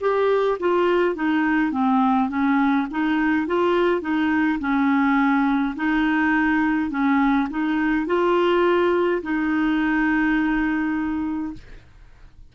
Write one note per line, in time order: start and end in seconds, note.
0.00 0.58 G4
0.59 1.15 F4
1.15 1.72 D#4
1.72 2.29 C4
2.29 2.87 C#4
2.90 3.46 D#4
3.46 4.01 F4
4.01 4.58 D#4
4.59 5.74 C#4
5.75 6.90 D#4
6.90 7.47 C#4
7.49 8.06 D#4
8.06 9.22 F4
9.22 11.53 D#4